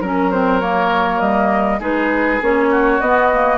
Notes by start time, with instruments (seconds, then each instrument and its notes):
0.00 bassoon F#3, clarinet C#4, oboe A#4, flute A#4
0.31 clarinet C4, flute C5
0.60 clarinet A#3, flute C#5
1.20 bassoon G3, flute D#5
1.79 bassoon G#3, clarinet D#4, oboe G#4, flute B4
2.41 bassoon A#3, clarinet C#4, flute C#5
2.70 oboe F#4
3.00 bassoon B3, clarinet B3, flute D#5
3.32 clarinet A#3